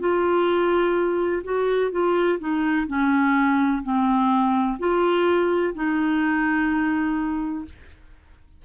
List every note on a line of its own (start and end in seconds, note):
0.00 1.43 F4
1.44 1.91 F#4
1.91 2.39 F4
2.39 2.87 D#4
2.87 3.83 C#4
3.83 4.78 C4
4.79 5.74 F4
5.75 7.65 D#4